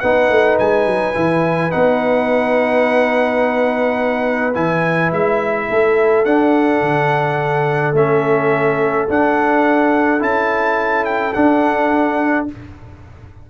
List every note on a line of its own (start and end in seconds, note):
0.00 0.29 B3
0.00 1.14 D#4
0.00 5.67 B4
0.00 0.57 F#5
0.29 0.57 A3
0.59 0.86 G#3
0.59 1.71 G#5
0.86 1.14 F#3
1.14 1.72 E3
1.14 1.70 E4
1.70 4.55 B3
1.70 4.53 D#4
1.70 4.54 F#5
4.54 5.12 E3
4.54 6.25 E4
4.54 5.11 G#5
5.12 5.68 G#3
5.12 6.24 E5
5.70 6.25 A3
5.70 12.50 A4
6.24 7.95 D4
6.24 6.81 D4
6.24 7.94 F#5
6.81 7.93 D3
7.93 9.06 A3
7.93 9.08 C#4
7.93 9.09 E5
9.09 10.19 D4
9.09 10.21 D4
9.09 10.22 F#5
10.19 11.35 C#4
10.19 11.32 E4
10.19 11.05 A5
11.05 11.33 G5
11.33 12.48 D4
11.33 12.46 F#5